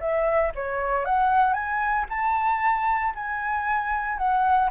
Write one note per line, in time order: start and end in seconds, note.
0.00 0.52 E5
0.55 1.05 C#5
1.05 1.53 F#5
1.53 2.05 G#5
2.09 3.13 A5
3.14 4.17 G#5
4.17 4.70 F#5